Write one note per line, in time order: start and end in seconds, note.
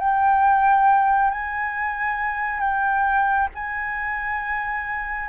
0.00 1.31 G5
1.31 2.61 G#5
2.61 3.49 G5
3.55 5.30 G#5